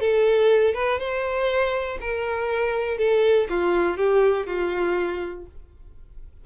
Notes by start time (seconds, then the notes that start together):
0.00 A4
0.74 B4
0.99 C5
2.00 A#4
2.98 A4
3.49 F4
3.97 G4
4.46 F4